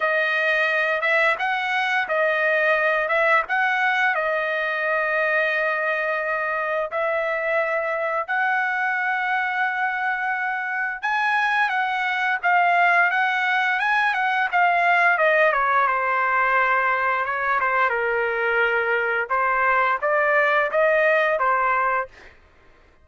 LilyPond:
\new Staff \with { instrumentName = "trumpet" } { \time 4/4 \tempo 4 = 87 dis''4. e''8 fis''4 dis''4~ | dis''8 e''8 fis''4 dis''2~ | dis''2 e''2 | fis''1 |
gis''4 fis''4 f''4 fis''4 | gis''8 fis''8 f''4 dis''8 cis''8 c''4~ | c''4 cis''8 c''8 ais'2 | c''4 d''4 dis''4 c''4 | }